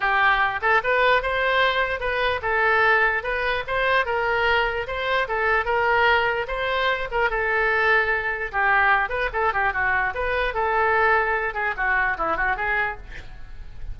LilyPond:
\new Staff \with { instrumentName = "oboe" } { \time 4/4 \tempo 4 = 148 g'4. a'8 b'4 c''4~ | c''4 b'4 a'2 | b'4 c''4 ais'2 | c''4 a'4 ais'2 |
c''4. ais'8 a'2~ | a'4 g'4. b'8 a'8 g'8 | fis'4 b'4 a'2~ | a'8 gis'8 fis'4 e'8 fis'8 gis'4 | }